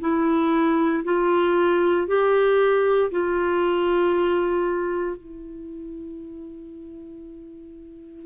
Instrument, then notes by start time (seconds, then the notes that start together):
clarinet
0.00 E4
1.04 F4
2.07 G4
3.11 F4
5.17 E4